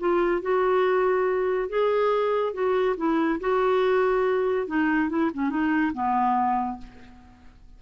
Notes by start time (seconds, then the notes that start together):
0.00 F4
0.42 F#4
1.69 G#4
2.54 F#4
2.98 E4
3.40 F#4
4.68 D#4
5.10 E4
5.34 C#4
5.50 D#4
5.94 B3